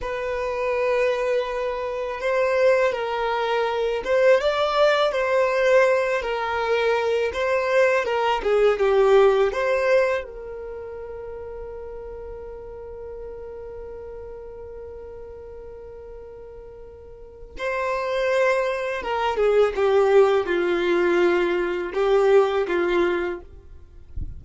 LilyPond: \new Staff \with { instrumentName = "violin" } { \time 4/4 \tempo 4 = 82 b'2. c''4 | ais'4. c''8 d''4 c''4~ | c''8 ais'4. c''4 ais'8 gis'8 | g'4 c''4 ais'2~ |
ais'1~ | ais'1 | c''2 ais'8 gis'8 g'4 | f'2 g'4 f'4 | }